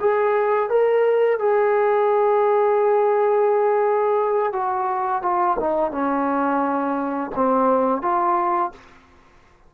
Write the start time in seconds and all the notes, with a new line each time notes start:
0.00 G#4
0.69 A#4
1.39 G#4
4.53 F#4
5.22 F4
5.60 D#4
5.91 C#4
7.35 C4
8.02 F4